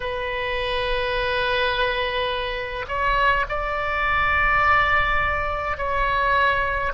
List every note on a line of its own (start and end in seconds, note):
0.00 2.85 B4
2.87 3.45 C#5
3.48 5.77 D5
5.77 6.92 C#5